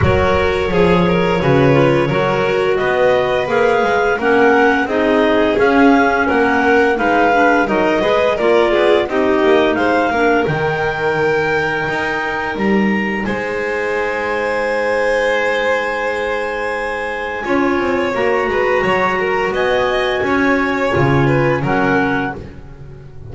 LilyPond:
<<
  \new Staff \with { instrumentName = "clarinet" } { \time 4/4 \tempo 4 = 86 cis''1 | dis''4 f''4 fis''4 dis''4 | f''4 fis''4 f''4 dis''4 | d''4 dis''4 f''4 g''4~ |
g''2 ais''4 gis''4~ | gis''1~ | gis''2 ais''2 | gis''2. fis''4 | }
  \new Staff \with { instrumentName = "violin" } { \time 4/4 ais'4 gis'8 ais'8 b'4 ais'4 | b'2 ais'4 gis'4~ | gis'4 ais'4 b'4 ais'8 b'8 | ais'8 gis'8 g'4 c''8 ais'4.~ |
ais'2. c''4~ | c''1~ | c''4 cis''4. b'8 cis''8 ais'8 | dis''4 cis''4. b'8 ais'4 | }
  \new Staff \with { instrumentName = "clarinet" } { \time 4/4 fis'4 gis'4 fis'8 f'8 fis'4~ | fis'4 gis'4 cis'4 dis'4 | cis'2 dis'8 d'8 dis'8 gis'8 | f'4 dis'4. d'8 dis'4~ |
dis'1~ | dis'1~ | dis'4 f'4 fis'2~ | fis'2 f'4 cis'4 | }
  \new Staff \with { instrumentName = "double bass" } { \time 4/4 fis4 f4 cis4 fis4 | b4 ais8 gis8 ais4 c'4 | cis'4 ais4 gis4 fis8 gis8 | ais8 b8 c'8 ais8 gis8 ais8 dis4~ |
dis4 dis'4 g4 gis4~ | gis1~ | gis4 cis'8 c'8 ais8 gis8 fis4 | b4 cis'4 cis4 fis4 | }
>>